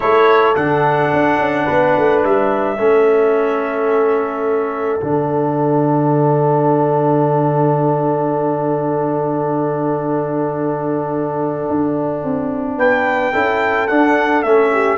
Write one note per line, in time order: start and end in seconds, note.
0.00 0.56 A3
0.00 0.54 E4
0.00 1.64 A4
0.00 0.55 C#5
0.55 1.12 D3
0.55 2.77 D4
0.55 2.22 F#5
1.13 1.38 D4
1.38 1.66 C#4
1.64 1.96 B3
1.64 2.75 B4
1.97 2.24 A3
2.23 2.78 G3
2.23 5.01 E5
2.78 5.00 A3
2.78 5.00 C#4
2.78 12.77 A4
5.00 11.69 D3
5.00 13.33 D4
5.00 12.78 F#5
11.69 12.23 D4
12.23 12.77 C4
12.77 13.32 B3
12.77 13.32 B4
12.77 13.87 G5
13.32 13.89 C#4
13.32 13.88 E4
13.32 14.71 A4
13.87 14.44 D4
13.87 14.42 F#5
14.42 14.98 A3
14.42 14.98 C#4
14.42 14.98 E5
14.72 14.98 G4